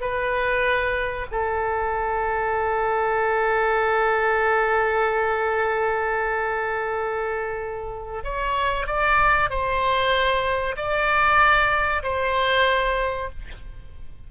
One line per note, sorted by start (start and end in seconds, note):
0.00 1.26 B4
1.31 8.23 A4
8.23 8.86 C#5
8.86 9.49 D5
9.49 10.75 C5
10.76 12.02 D5
12.03 13.29 C5